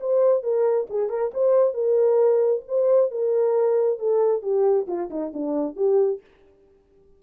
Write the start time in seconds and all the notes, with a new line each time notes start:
0.00 C5
0.43 A#4
0.89 G#4
1.09 A#4
1.34 C5
1.74 A#4
2.67 C5
3.11 A#4
3.99 A4
4.42 G4
4.87 F4
5.10 D#4
5.33 D4
5.76 G4